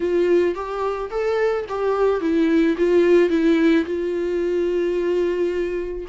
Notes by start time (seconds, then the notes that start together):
0.00 F4
0.55 G4
1.10 A4
1.68 G4
2.20 E4
2.77 F4
3.29 E4
3.85 F4